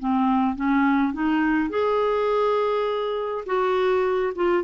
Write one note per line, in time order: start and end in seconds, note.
0.00 0.56 C4
0.56 1.14 C#4
1.14 1.70 D#4
1.70 3.45 G#4
3.46 4.33 F#4
4.36 4.64 F4